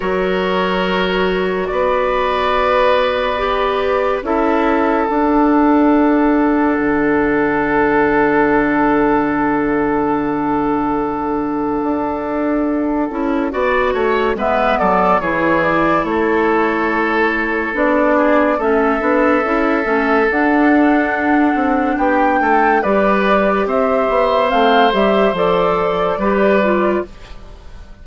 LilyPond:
<<
  \new Staff \with { instrumentName = "flute" } { \time 4/4 \tempo 4 = 71 cis''2 d''2~ | d''4 e''4 fis''2~ | fis''1~ | fis''1~ |
fis''4 e''8 d''8 cis''8 d''8 cis''4~ | cis''4 d''4 e''2 | fis''2 g''4 d''4 | e''4 f''8 e''8 d''2 | }
  \new Staff \with { instrumentName = "oboe" } { \time 4/4 ais'2 b'2~ | b'4 a'2.~ | a'1~ | a'1 |
d''8 cis''8 b'8 a'8 gis'4 a'4~ | a'4. gis'8 a'2~ | a'2 g'8 a'8 b'4 | c''2. b'4 | }
  \new Staff \with { instrumentName = "clarinet" } { \time 4/4 fis'1 | g'4 e'4 d'2~ | d'1~ | d'2.~ d'8 e'8 |
fis'4 b4 e'2~ | e'4 d'4 cis'8 d'8 e'8 cis'8 | d'2. g'4~ | g'4 c'8 g'8 a'4 g'8 f'8 | }
  \new Staff \with { instrumentName = "bassoon" } { \time 4/4 fis2 b2~ | b4 cis'4 d'2 | d1~ | d2 d'4. cis'8 |
b8 a8 gis8 fis8 e4 a4~ | a4 b4 a8 b8 cis'8 a8 | d'4. c'8 b8 a8 g4 | c'8 b8 a8 g8 f4 g4 | }
>>